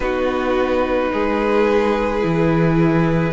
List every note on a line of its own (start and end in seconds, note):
0.00 1.09 B3
0.00 2.21 D#4
0.00 1.12 F#4
0.00 3.33 B4
1.12 2.24 G#3
1.12 3.33 G#4
2.21 3.33 E3
2.21 3.32 E4